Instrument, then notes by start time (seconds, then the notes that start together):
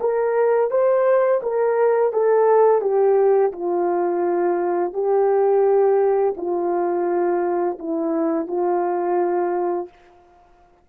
horn
0.00 A#4
0.71 C5
1.43 A#4
2.13 A4
2.81 G4
3.52 F4
4.93 G4
6.37 F4
7.79 E4
8.47 F4